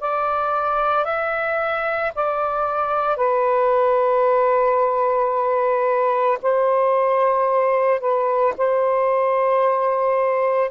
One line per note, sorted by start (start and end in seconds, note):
0.00 1.05 D5
1.05 2.12 E5
2.15 3.17 D5
3.17 6.38 B4
6.42 8.00 C5
8.00 8.54 B4
8.57 10.71 C5